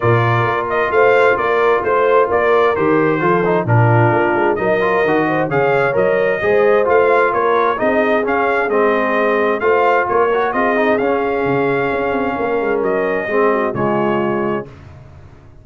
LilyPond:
<<
  \new Staff \with { instrumentName = "trumpet" } { \time 4/4 \tempo 4 = 131 d''4. dis''8 f''4 d''4 | c''4 d''4 c''2 | ais'2 dis''2 | f''4 dis''2 f''4 |
cis''4 dis''4 f''4 dis''4~ | dis''4 f''4 cis''4 dis''4 | f''1 | dis''2 cis''2 | }
  \new Staff \with { instrumentName = "horn" } { \time 4/4 ais'2 c''4 ais'4 | c''4 ais'2 a'4 | f'2 ais'4. c''8 | cis''2 c''2 |
ais'4 gis'2.~ | gis'4 c''4 ais'4 gis'4~ | gis'2. ais'4~ | ais'4 gis'8 fis'8 f'2 | }
  \new Staff \with { instrumentName = "trombone" } { \time 4/4 f'1~ | f'2 g'4 f'8 dis'8 | d'2 dis'8 f'8 fis'4 | gis'4 ais'4 gis'4 f'4~ |
f'4 dis'4 cis'4 c'4~ | c'4 f'4. fis'8 f'8 dis'8 | cis'1~ | cis'4 c'4 gis2 | }
  \new Staff \with { instrumentName = "tuba" } { \time 4/4 ais,4 ais4 a4 ais4 | a4 ais4 dis4 f4 | ais,4 ais8 gis8 fis4 dis4 | cis4 fis4 gis4 a4 |
ais4 c'4 cis'4 gis4~ | gis4 a4 ais4 c'4 | cis'4 cis4 cis'8 c'8 ais8 gis8 | fis4 gis4 cis2 | }
>>